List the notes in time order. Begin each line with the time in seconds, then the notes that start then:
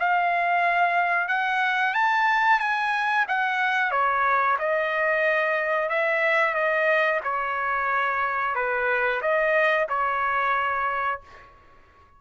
0.00 F5
1.29 F#5
1.95 A5
2.60 G#5
3.29 F#5
3.92 C#5
4.59 D#5
5.90 E5
6.55 D#5
7.24 C#5
8.56 B4
9.22 D#5
9.89 C#5